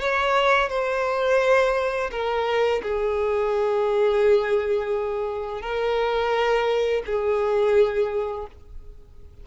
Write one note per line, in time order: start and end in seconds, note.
0.00 0.69 C#5
0.69 2.10 C5
2.11 2.81 A#4
2.82 5.61 G#4
5.61 7.02 A#4
7.06 8.46 G#4